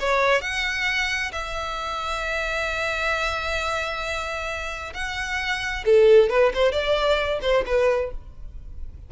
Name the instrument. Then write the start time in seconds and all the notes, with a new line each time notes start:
violin
0.00 C#5
0.42 F#5
1.32 E5
4.94 F#5
5.86 A4
6.30 B4
6.54 C5
6.72 D5
7.42 C5
7.67 B4